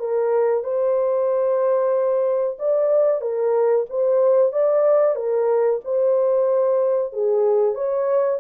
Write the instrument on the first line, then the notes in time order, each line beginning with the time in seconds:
horn
0.00 A#4
0.64 C5
2.59 D5
3.22 A#4
3.90 C5
4.53 D5
5.16 A#4
5.85 C5
7.13 G#4
7.75 C#5